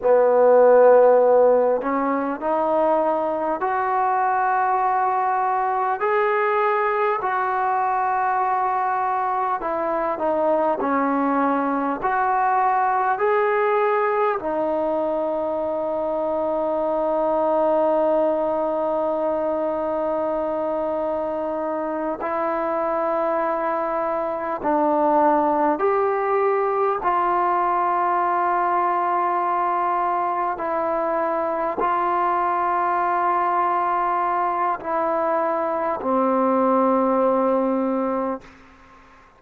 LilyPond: \new Staff \with { instrumentName = "trombone" } { \time 4/4 \tempo 4 = 50 b4. cis'8 dis'4 fis'4~ | fis'4 gis'4 fis'2 | e'8 dis'8 cis'4 fis'4 gis'4 | dis'1~ |
dis'2~ dis'8 e'4.~ | e'8 d'4 g'4 f'4.~ | f'4. e'4 f'4.~ | f'4 e'4 c'2 | }